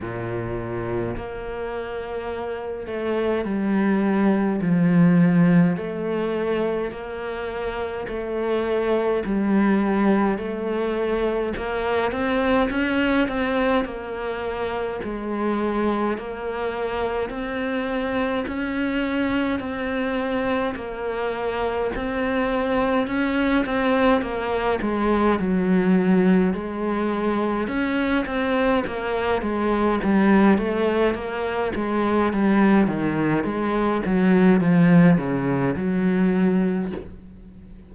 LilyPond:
\new Staff \with { instrumentName = "cello" } { \time 4/4 \tempo 4 = 52 ais,4 ais4. a8 g4 | f4 a4 ais4 a4 | g4 a4 ais8 c'8 cis'8 c'8 | ais4 gis4 ais4 c'4 |
cis'4 c'4 ais4 c'4 | cis'8 c'8 ais8 gis8 fis4 gis4 | cis'8 c'8 ais8 gis8 g8 a8 ais8 gis8 | g8 dis8 gis8 fis8 f8 cis8 fis4 | }